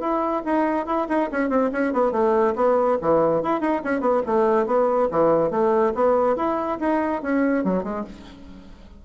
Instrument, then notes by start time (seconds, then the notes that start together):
bassoon
0.00 E4
0.45 D#4
0.86 E4
1.08 D#4
1.32 C#4
1.49 C4
1.72 C#4
1.93 B3
2.12 A3
2.55 B3
3.01 E3
3.43 E4
3.60 D#4
3.84 C#4
4.00 B3
4.26 A3
4.66 B3
5.11 E3
5.50 A3
5.94 B3
6.36 E4
6.80 D#4
7.22 C#4
7.64 F#3
7.83 G#3